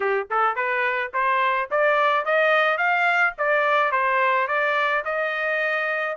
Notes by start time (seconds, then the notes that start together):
0.00 G4
0.30 A4
0.55 B4
1.13 C5
1.70 D5
2.25 D#5
2.77 F5
3.38 D5
3.91 C5
4.47 D5
5.04 D#5